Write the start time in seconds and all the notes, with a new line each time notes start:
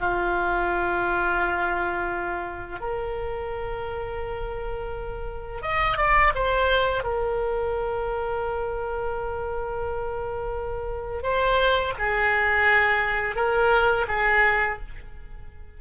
0.00 F4
2.80 A#4
5.62 D#5
5.97 D5
6.35 C5
7.04 A#4
11.23 C5
11.98 G#4
13.35 A#4
14.08 G#4